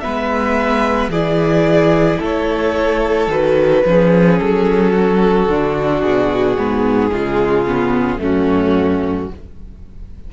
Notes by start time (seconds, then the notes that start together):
0.00 G#3 B3 B4 E5
1.08 E3 E4 G#4 D5
2.19 A3 A4 C#5
3.27 D#3 F#4 B4
3.85 F3 C#4 G#4
4.38 F#3 A4
4.92 F#4
5.48 D3 D4
6.01 B2 G#4
6.57 G#2 B3
7.11 C#3 G#3 F4
7.67 B3
8.18 F#2 A3 C#4 F#4